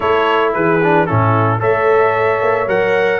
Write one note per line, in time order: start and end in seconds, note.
0.00 0.55 A3
0.00 0.80 E4
0.00 0.53 A4
0.00 0.52 C#5
0.53 1.08 E3
0.53 1.07 G#4
0.53 1.06 B4
0.82 1.07 D4
1.06 1.62 A2
1.06 1.59 C#4
1.06 1.59 E4
1.06 1.60 A4
1.59 2.41 A3
1.59 2.66 A4
1.59 3.19 C#5
1.59 2.68 E5
2.41 2.66 A#3
2.66 3.19 F#3
2.66 3.19 A#4
2.66 3.19 F#5